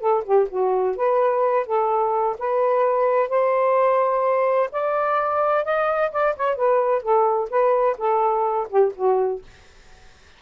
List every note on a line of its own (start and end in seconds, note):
0.00 0.23 A4
0.24 0.48 G4
0.50 0.97 F#4
0.97 1.66 B4
1.66 2.37 A4
2.39 3.29 B4
3.29 4.70 C5
4.72 5.65 D5
5.65 6.12 D#5
6.12 6.36 D5
6.37 6.56 C#5
6.56 7.03 B4
7.03 7.50 A4
7.50 7.97 B4
7.98 8.68 A4
8.70 8.93 G4
8.96 9.43 F#4